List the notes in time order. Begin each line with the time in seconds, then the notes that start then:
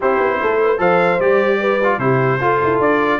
0.00 C4 E4 G4 C5
0.18 B3
0.42 A3 A4
0.63 B4
0.78 F3 A4 C5 F5
1.19 G3 G4 D5
1.60 B4
1.83 F4
1.98 C3 E4 G4 C5
2.40 F4 A4
2.63 E4
2.79 D4 D5